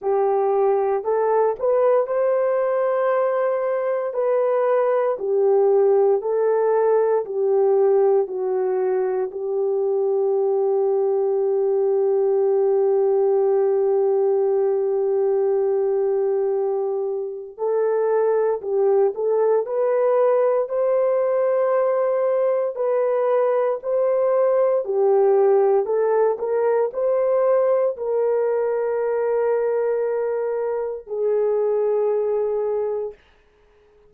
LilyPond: \new Staff \with { instrumentName = "horn" } { \time 4/4 \tempo 4 = 58 g'4 a'8 b'8 c''2 | b'4 g'4 a'4 g'4 | fis'4 g'2.~ | g'1~ |
g'4 a'4 g'8 a'8 b'4 | c''2 b'4 c''4 | g'4 a'8 ais'8 c''4 ais'4~ | ais'2 gis'2 | }